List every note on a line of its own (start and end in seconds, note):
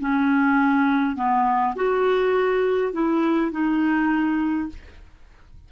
0.00 1.17 C#4
1.17 1.75 B3
1.76 2.93 F#4
2.93 3.52 E4
3.52 4.70 D#4